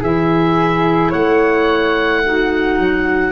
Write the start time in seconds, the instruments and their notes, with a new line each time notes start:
0.00 tuba E3, clarinet E4, flute G#4, oboe E5
1.10 tuba A3, flute C#5, oboe F#5
2.25 clarinet D#4, flute F#4
2.78 tuba F#3